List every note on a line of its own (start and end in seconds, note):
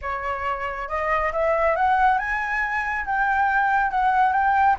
0.01 0.88 C#5
0.88 1.32 D#5
1.32 1.75 E5
1.76 2.18 F#5
2.18 3.05 G#5
3.05 3.91 G5
3.91 4.32 F#5
4.32 4.76 G5